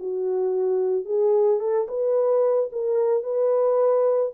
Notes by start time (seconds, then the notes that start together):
0.00 F#4
1.05 G#4
1.60 A4
1.88 B4
2.72 A#4
3.23 B4